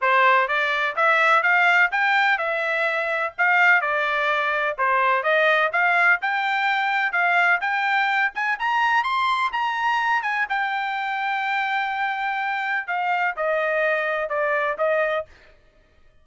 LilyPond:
\new Staff \with { instrumentName = "trumpet" } { \time 4/4 \tempo 4 = 126 c''4 d''4 e''4 f''4 | g''4 e''2 f''4 | d''2 c''4 dis''4 | f''4 g''2 f''4 |
g''4. gis''8 ais''4 c'''4 | ais''4. gis''8 g''2~ | g''2. f''4 | dis''2 d''4 dis''4 | }